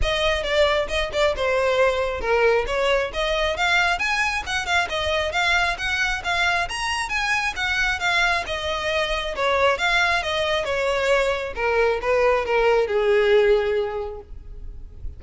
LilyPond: \new Staff \with { instrumentName = "violin" } { \time 4/4 \tempo 4 = 135 dis''4 d''4 dis''8 d''8 c''4~ | c''4 ais'4 cis''4 dis''4 | f''4 gis''4 fis''8 f''8 dis''4 | f''4 fis''4 f''4 ais''4 |
gis''4 fis''4 f''4 dis''4~ | dis''4 cis''4 f''4 dis''4 | cis''2 ais'4 b'4 | ais'4 gis'2. | }